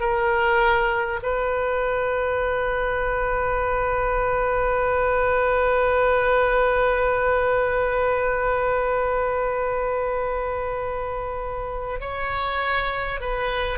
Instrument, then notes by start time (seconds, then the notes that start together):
oboe
0.00 A#4
1.22 B4
12.00 C#5
13.20 B4